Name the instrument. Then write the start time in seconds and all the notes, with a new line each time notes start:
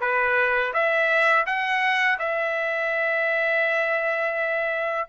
trumpet
0.00 B4
0.73 E5
1.46 F#5
2.19 E5